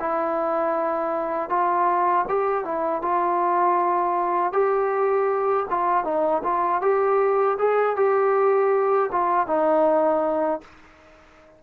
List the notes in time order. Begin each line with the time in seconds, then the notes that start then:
0.00 E4
1.50 F4
2.29 G4
2.65 E4
3.02 F4
4.53 G4
5.70 F4
6.04 D#4
6.43 F4
6.82 G4
7.58 G#4
7.96 G4
9.12 F4
9.47 D#4